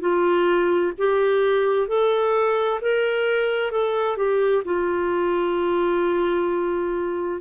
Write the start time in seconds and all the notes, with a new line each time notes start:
0.00 F4
0.98 G4
1.88 A4
2.81 A#4
3.71 A4
4.16 G4
4.64 F4